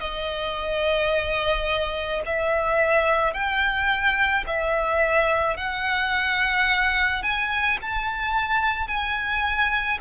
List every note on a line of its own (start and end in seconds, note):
0.00 2.22 D#5
2.26 3.34 E5
3.34 4.45 G5
4.47 5.57 E5
5.57 7.23 F#5
7.23 7.78 G#5
7.82 8.87 A5
8.87 9.98 G#5